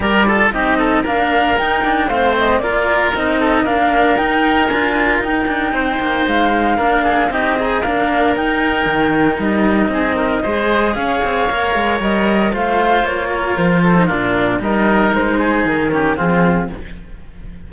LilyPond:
<<
  \new Staff \with { instrumentName = "flute" } { \time 4/4 \tempo 4 = 115 d''4 dis''4 f''4 g''4 | f''8 dis''8 d''4 dis''4 f''4 | g''4 gis''4 g''2 | f''2 dis''4 f''4 |
g''2 dis''2~ | dis''4 f''2 dis''4 | f''4 cis''4 c''4 ais'4 | dis''4 c''4 ais'4 gis'4 | }
  \new Staff \with { instrumentName = "oboe" } { \time 4/4 ais'8 a'8 g'8 a'8 ais'2 | c''4 ais'4. a'8 ais'4~ | ais'2. c''4~ | c''4 ais'8 gis'8 g'8 dis'8 ais'4~ |
ais'2. gis'8 ais'8 | c''4 cis''2. | c''4. ais'4 a'8 f'4 | ais'4. gis'4 g'8 f'4 | }
  \new Staff \with { instrumentName = "cello" } { \time 4/4 g'8 f'8 dis'4 d'4 dis'8 d'8 | c'4 f'4 dis'4 d'4 | dis'4 f'4 dis'2~ | dis'4 d'4 dis'8 gis'8 d'4 |
dis'1 | gis'2 ais'2 | f'2~ f'8. dis'16 d'4 | dis'2~ dis'8 cis'8 c'4 | }
  \new Staff \with { instrumentName = "cello" } { \time 4/4 g4 c'4 ais4 dis'4 | a4 ais4 c'4 ais4 | dis'4 d'4 dis'8 d'8 c'8 ais8 | gis4 ais4 c'4 ais4 |
dis'4 dis4 g4 c'4 | gis4 cis'8 c'8 ais8 gis8 g4 | a4 ais4 f4 ais,4 | g4 gis4 dis4 f4 | }
>>